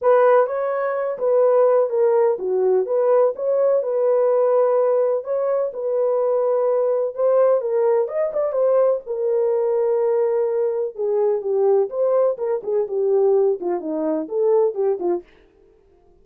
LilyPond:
\new Staff \with { instrumentName = "horn" } { \time 4/4 \tempo 4 = 126 b'4 cis''4. b'4. | ais'4 fis'4 b'4 cis''4 | b'2. cis''4 | b'2. c''4 |
ais'4 dis''8 d''8 c''4 ais'4~ | ais'2. gis'4 | g'4 c''4 ais'8 gis'8 g'4~ | g'8 f'8 dis'4 a'4 g'8 f'8 | }